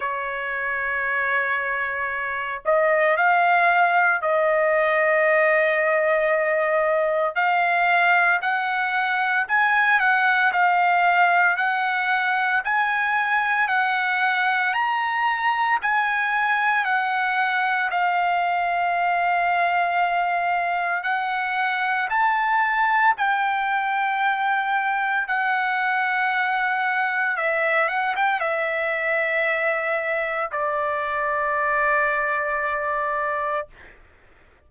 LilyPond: \new Staff \with { instrumentName = "trumpet" } { \time 4/4 \tempo 4 = 57 cis''2~ cis''8 dis''8 f''4 | dis''2. f''4 | fis''4 gis''8 fis''8 f''4 fis''4 | gis''4 fis''4 ais''4 gis''4 |
fis''4 f''2. | fis''4 a''4 g''2 | fis''2 e''8 fis''16 g''16 e''4~ | e''4 d''2. | }